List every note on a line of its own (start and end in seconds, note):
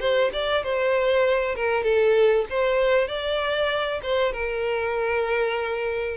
0.00 0.31 C5
0.33 0.63 D5
0.63 1.55 C5
1.55 1.84 A#4
1.84 2.45 A4
2.50 3.08 C5
3.08 4.01 D5
4.03 4.33 C5
4.33 6.17 A#4